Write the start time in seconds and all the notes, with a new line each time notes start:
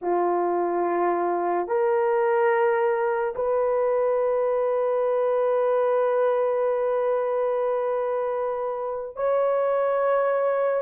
0.01 F4
1.67 A#4
3.35 B4
9.16 C#5